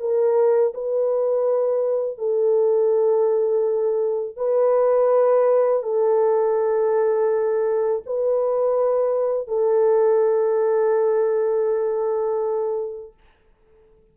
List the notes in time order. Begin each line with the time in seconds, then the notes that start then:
0.00 A#4
0.74 B4
2.18 A4
4.36 B4
5.83 A4
8.06 B4
9.48 A4